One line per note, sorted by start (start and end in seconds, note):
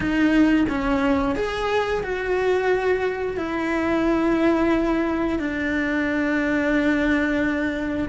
0.00 0.65 D#4
0.68 1.35 C#4
1.35 2.03 G#4
2.03 3.37 F#4
3.37 5.39 E4
5.39 8.08 D4